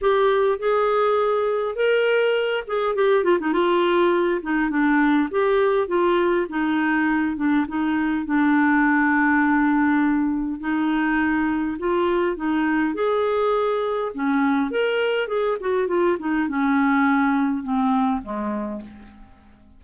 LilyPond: \new Staff \with { instrumentName = "clarinet" } { \time 4/4 \tempo 4 = 102 g'4 gis'2 ais'4~ | ais'8 gis'8 g'8 f'16 dis'16 f'4. dis'8 | d'4 g'4 f'4 dis'4~ | dis'8 d'8 dis'4 d'2~ |
d'2 dis'2 | f'4 dis'4 gis'2 | cis'4 ais'4 gis'8 fis'8 f'8 dis'8 | cis'2 c'4 gis4 | }